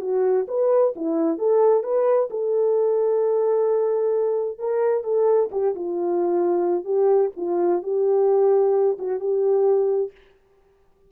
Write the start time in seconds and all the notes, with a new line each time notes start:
0.00 F#4
0.48 B4
0.95 E4
1.38 A4
1.83 B4
2.30 A4
4.58 A#4
5.04 A4
5.51 G4
5.75 F4
6.84 G4
7.36 F4
7.82 G4
8.98 F#4
9.19 G4